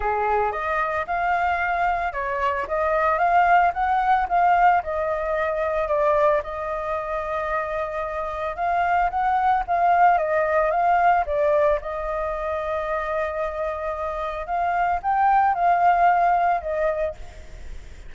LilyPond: \new Staff \with { instrumentName = "flute" } { \time 4/4 \tempo 4 = 112 gis'4 dis''4 f''2 | cis''4 dis''4 f''4 fis''4 | f''4 dis''2 d''4 | dis''1 |
f''4 fis''4 f''4 dis''4 | f''4 d''4 dis''2~ | dis''2. f''4 | g''4 f''2 dis''4 | }